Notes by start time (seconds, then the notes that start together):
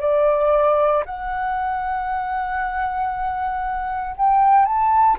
0.00 D5
1.05 F#5
4.16 G5
4.65 A5